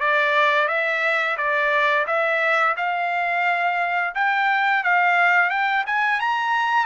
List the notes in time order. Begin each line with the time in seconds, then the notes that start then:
0.00 D5
0.68 E5
1.37 D5
2.07 E5
2.77 F5
4.15 G5
4.84 F5
5.50 G5
5.87 G#5
6.20 A#5